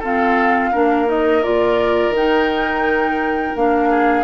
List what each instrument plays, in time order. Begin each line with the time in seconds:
0.00 clarinet C4, bassoon F4, oboe A4, flute F5
0.72 bassoon A#3, clarinet D4, oboe A#4
1.07 clarinet D#4, flute D#5
1.43 bassoon A#2, clarinet F4, flute D5
2.10 bassoon D#3
2.17 clarinet D#4, flute G5
3.56 bassoon A#3, clarinet D4, flute F5
3.90 oboe G#4